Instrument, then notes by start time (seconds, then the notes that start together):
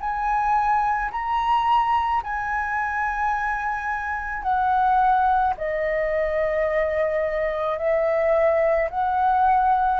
flute
0.00 G#5
1.11 A#5
2.23 G#5
4.42 F#5
5.57 D#5
7.78 E5
8.90 F#5